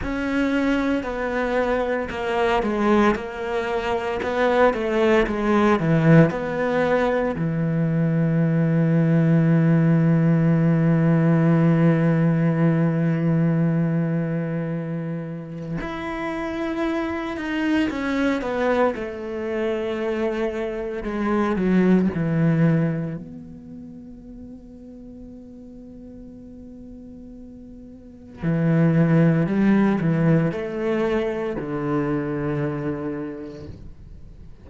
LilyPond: \new Staff \with { instrumentName = "cello" } { \time 4/4 \tempo 4 = 57 cis'4 b4 ais8 gis8 ais4 | b8 a8 gis8 e8 b4 e4~ | e1~ | e2. e'4~ |
e'8 dis'8 cis'8 b8 a2 | gis8 fis8 e4 b2~ | b2. e4 | g8 e8 a4 d2 | }